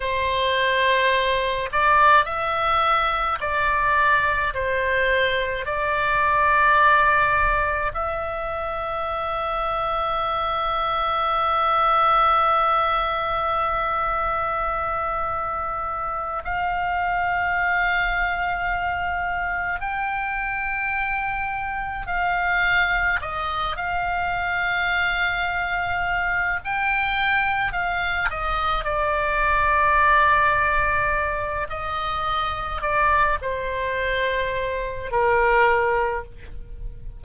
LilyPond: \new Staff \with { instrumentName = "oboe" } { \time 4/4 \tempo 4 = 53 c''4. d''8 e''4 d''4 | c''4 d''2 e''4~ | e''1~ | e''2~ e''8 f''4.~ |
f''4. g''2 f''8~ | f''8 dis''8 f''2~ f''8 g''8~ | g''8 f''8 dis''8 d''2~ d''8 | dis''4 d''8 c''4. ais'4 | }